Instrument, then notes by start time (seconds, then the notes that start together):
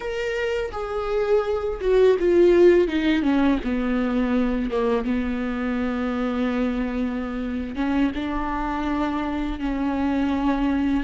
viola
0.00 A#4
0.71 G#4
1.80 F#4
2.19 F4
2.87 D#4
3.22 C#4
3.63 B3
4.70 A#3
5.04 B3
7.75 C#4
8.15 D4
9.59 C#4